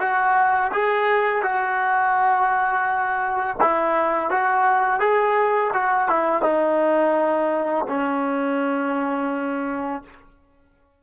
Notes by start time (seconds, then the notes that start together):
0.00 F#4
0.72 G#4
1.43 F#4
3.61 E4
4.31 F#4
5.00 G#4
5.74 F#4
6.08 E4
6.43 D#4
7.88 C#4